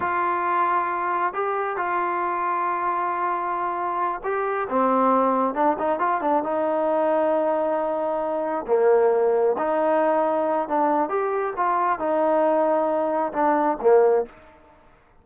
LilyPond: \new Staff \with { instrumentName = "trombone" } { \time 4/4 \tempo 4 = 135 f'2. g'4 | f'1~ | f'4. g'4 c'4.~ | c'8 d'8 dis'8 f'8 d'8 dis'4.~ |
dis'2.~ dis'8 ais8~ | ais4. dis'2~ dis'8 | d'4 g'4 f'4 dis'4~ | dis'2 d'4 ais4 | }